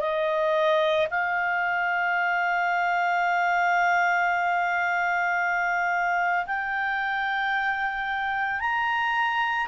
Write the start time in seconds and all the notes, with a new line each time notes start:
0.00 D#5
1.10 F5
6.46 G5
8.60 A#5